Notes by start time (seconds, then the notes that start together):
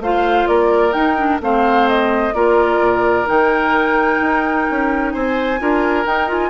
0.00 A3 F4 C5 F5
0.47 A#3 A#4 D5
0.92 D#4 G5
1.17 D4
1.41 A3 C4 C5 F5
1.89 D#5
2.34 A#3 F4 A#4 D5
2.80 A#2
3.26 D#3 D#4 G5
4.21 D#4
4.71 C#4
5.12 C4 C5 G#5
5.60 D4 F4 A#4
6.05 D#4 G5
6.28 F4 G#5